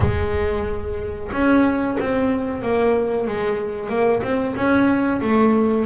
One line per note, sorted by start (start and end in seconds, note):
0.00 1.30 G#3
1.32 1.97 C#4
1.99 2.62 C4
2.62 3.27 A#3
3.27 3.89 G#3
3.89 4.22 A#3
4.22 4.55 C4
4.55 5.20 C#4
5.21 5.85 A3